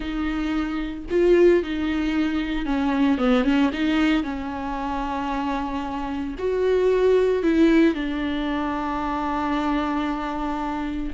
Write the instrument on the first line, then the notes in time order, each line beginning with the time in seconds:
viola
0.00 D#4
1.10 F4
1.63 D#4
2.65 C#4
3.18 B3
3.44 C#4
3.72 D#4
4.23 C#4
6.38 F#4
7.42 E4
7.94 D4